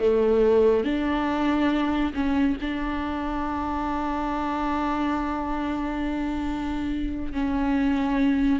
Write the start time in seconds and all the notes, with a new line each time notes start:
0.00 A3
0.85 D4
2.14 C#4
2.61 D4
7.33 C#4